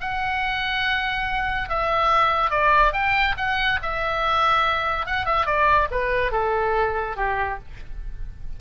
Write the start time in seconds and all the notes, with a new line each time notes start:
0.00 F#5
1.69 E5
2.50 D5
2.93 G5
3.37 F#5
3.82 E5
5.06 F#5
5.25 E5
5.46 D5
5.91 B4
6.31 A4
7.16 G4